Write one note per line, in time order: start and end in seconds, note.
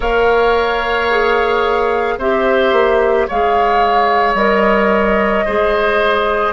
0.00 2.18 A#3
0.00 1.08 A#4
0.00 2.14 C#5
0.00 2.19 F5
1.10 2.19 G#4
2.18 2.72 C4
2.18 3.30 G4
2.18 3.27 C5
2.18 3.28 E5
2.72 3.26 A#3
3.27 4.34 G#3
3.27 4.36 G#4
3.27 5.45 C#5
3.27 4.34 F5
4.34 5.43 G3
4.34 5.45 A#4
4.34 6.52 D#5
5.45 6.52 G#3
5.45 6.52 G#4
5.45 6.52 C5